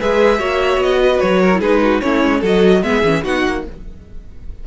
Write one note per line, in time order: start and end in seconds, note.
0.00 0.40 G#3
0.00 0.39 G#4
0.00 0.39 B4
0.00 0.83 E5
0.39 0.77 A#3
0.39 1.51 F#4
0.39 1.00 C#5
0.77 1.18 B3
0.77 1.20 D#5
1.03 1.42 B4
1.20 1.60 F#3
1.20 1.61 C#5
1.42 1.60 A#4
1.54 1.62 E4
1.60 2.01 G#3
1.60 2.03 D#4
1.60 1.81 G#4
1.60 2.01 B4
1.82 2.03 F#4
2.01 2.24 A3
2.01 2.43 C#4
2.01 2.40 E4
2.01 2.42 C#5
2.24 2.43 G#3
2.40 2.83 F#3
2.40 2.84 F#4
2.40 2.80 A4
2.46 2.83 D#5
2.83 3.03 G#3
2.83 3.04 B3
2.83 3.24 G#4
2.83 3.24 E5
3.04 3.24 E3
3.04 3.24 C#4
3.24 3.45 B3
3.24 3.64 D#4
3.24 3.64 F#4
3.24 3.66 F#5
3.47 3.67 A#3